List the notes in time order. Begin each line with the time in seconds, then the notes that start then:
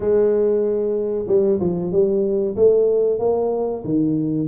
0.00 G#3
1.27 G3
1.60 F3
1.91 G3
2.55 A3
3.19 A#3
3.84 D#3